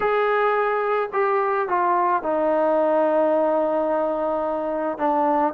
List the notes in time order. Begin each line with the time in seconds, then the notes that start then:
0.00 G#4
1.12 G4
1.68 F4
2.22 D#4
4.98 D4